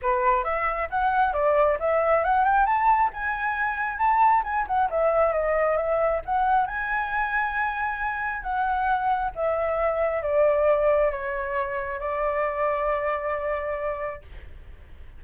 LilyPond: \new Staff \with { instrumentName = "flute" } { \time 4/4 \tempo 4 = 135 b'4 e''4 fis''4 d''4 | e''4 fis''8 g''8 a''4 gis''4~ | gis''4 a''4 gis''8 fis''8 e''4 | dis''4 e''4 fis''4 gis''4~ |
gis''2. fis''4~ | fis''4 e''2 d''4~ | d''4 cis''2 d''4~ | d''1 | }